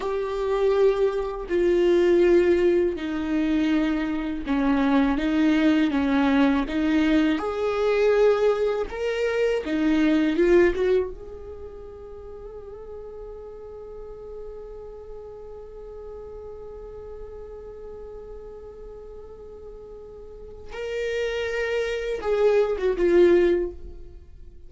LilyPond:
\new Staff \with { instrumentName = "viola" } { \time 4/4 \tempo 4 = 81 g'2 f'2 | dis'2 cis'4 dis'4 | cis'4 dis'4 gis'2 | ais'4 dis'4 f'8 fis'8 gis'4~ |
gis'1~ | gis'1~ | gis'1 | ais'2 gis'8. fis'16 f'4 | }